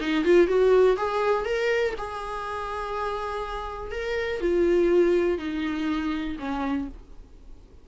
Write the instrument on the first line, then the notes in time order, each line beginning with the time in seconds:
viola
0.00 D#4
0.24 F4
0.47 F#4
0.97 G#4
1.44 A#4
1.97 G#4
3.91 A#4
4.40 F4
5.38 D#4
6.39 C#4